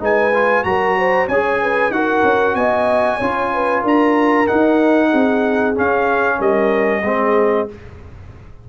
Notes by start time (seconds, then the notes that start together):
0.00 G#3 D#4 B4 G#5
0.34 F4
0.64 F#3 F#4 A#4 A#5
0.98 C5
1.28 C#4 G#4 C#5 G#5
1.62 B4
1.91 D#4 F#4 A#4 F#5
2.24 C#4
2.55 B3 D#5 G#5
3.17 C#4 F4 C#5
3.53 B4
3.82 D4 A#4 A#5
4.47 D#4 F#5
5.09 C4 G#4
5.75 C#4 F5
6.38 G3 A#4 D#5
7.03 G#3 C4 G#4